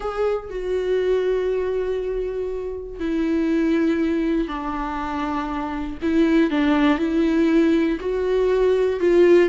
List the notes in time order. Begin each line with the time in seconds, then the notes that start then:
0.00 G#4
0.50 F#4
2.99 E4
4.47 D4
6.02 E4
6.50 D4
6.98 E4
8.00 F#4
9.00 F4